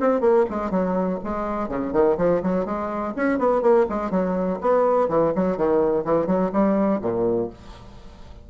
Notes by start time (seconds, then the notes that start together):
0.00 C4
0.20 A#3
0.50 G#3
0.71 F#3
1.23 G#3
1.68 C#3
1.92 D#3
2.17 F3
2.43 F#3
2.65 G#3
3.16 C#4
3.38 B3
3.62 A#3
3.89 G#3
4.10 F#3
4.61 B3
5.09 E3
5.35 F#3
5.57 D#3
6.04 E3
6.26 F#3
6.53 G3
7.01 A#2